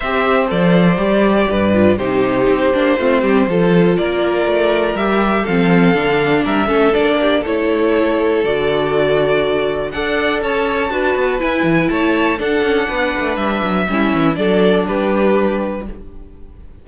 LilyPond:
<<
  \new Staff \with { instrumentName = "violin" } { \time 4/4 \tempo 4 = 121 e''4 d''2. | c''1 | d''2 e''4 f''4~ | f''4 e''4 d''4 cis''4~ |
cis''4 d''2. | fis''4 a''2 gis''4 | a''4 fis''2 e''4~ | e''4 d''4 b'2 | }
  \new Staff \with { instrumentName = "violin" } { \time 4/4 c''2. b'4 | g'2 f'8 g'8 a'4 | ais'2. a'4~ | a'4 ais'8 a'4 g'8 a'4~ |
a'1 | d''4 cis''4 b'2 | cis''4 a'4 b'2 | e'4 a'4 g'2 | }
  \new Staff \with { instrumentName = "viola" } { \time 4/4 g'4 a'4 g'4. f'8 | dis'4. d'8 c'4 f'4~ | f'2 g'4 c'4 | d'4. cis'8 d'4 e'4~ |
e'4 fis'2. | a'2 fis'4 e'4~ | e'4 d'2. | cis'4 d'2. | }
  \new Staff \with { instrumentName = "cello" } { \time 4/4 c'4 f4 g4 g,4 | c4 c'8 ais8 a8 g8 f4 | ais4 a4 g4 f4 | d4 g8 a8 ais4 a4~ |
a4 d2. | d'4 cis'4 d'8 b8 e'8 e8 | a4 d'8 cis'8 b8 a8 g8 fis8 | g8 e8 fis4 g2 | }
>>